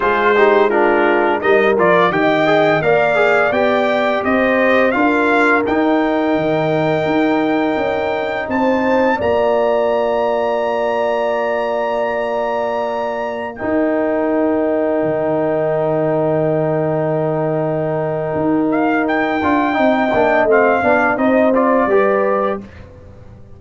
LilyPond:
<<
  \new Staff \with { instrumentName = "trumpet" } { \time 4/4 \tempo 4 = 85 c''4 ais'4 dis''8 d''8 g''4 | f''4 g''4 dis''4 f''4 | g''1 | a''4 ais''2.~ |
ais''2.~ ais''16 g''8.~ | g''1~ | g''2~ g''8 f''8 g''4~ | g''4 f''4 dis''8 d''4. | }
  \new Staff \with { instrumentName = "horn" } { \time 4/4 gis'8 g'8 f'4 ais'4 dis''4 | d''2 c''4 ais'4~ | ais'1 | c''4 d''2.~ |
d''2.~ d''16 ais'8.~ | ais'1~ | ais'1 | dis''4. d''8 c''4 b'4 | }
  \new Staff \with { instrumentName = "trombone" } { \time 4/4 f'8 dis'8 d'4 dis'8 f'8 g'8 gis'8 | ais'8 gis'8 g'2 f'4 | dis'1~ | dis'4 f'2.~ |
f'2.~ f'16 dis'8.~ | dis'1~ | dis'2.~ dis'8 f'8 | dis'8 d'8 c'8 d'8 dis'8 f'8 g'4 | }
  \new Staff \with { instrumentName = "tuba" } { \time 4/4 gis2 g8 f8 dis4 | ais4 b4 c'4 d'4 | dis'4 dis4 dis'4 cis'4 | c'4 ais2.~ |
ais2.~ ais16 dis'8.~ | dis'4~ dis'16 dis2~ dis8.~ | dis2 dis'4. d'8 | c'8 ais8 a8 b8 c'4 g4 | }
>>